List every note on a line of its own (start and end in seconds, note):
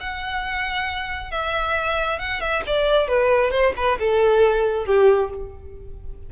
0.00 1.31 F#5
1.31 2.19 E5
2.19 2.41 F#5
2.41 2.63 E5
2.67 3.08 D5
3.08 3.51 B4
3.51 3.73 C5
3.77 3.99 B4
4.00 4.86 A4
4.86 5.30 G4